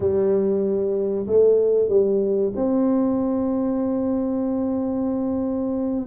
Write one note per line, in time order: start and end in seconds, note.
0.00 1.26 G3
1.26 1.89 A3
1.89 2.52 G3
2.55 6.06 C4